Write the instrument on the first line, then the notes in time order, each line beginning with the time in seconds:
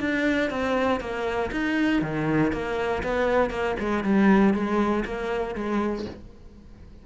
cello
0.00 D4
0.50 C4
1.00 A#3
1.51 D#4
2.02 D#3
2.52 A#3
3.03 B3
3.50 A#3
3.80 G#3
4.04 G3
4.54 G#3
5.05 A#3
5.55 G#3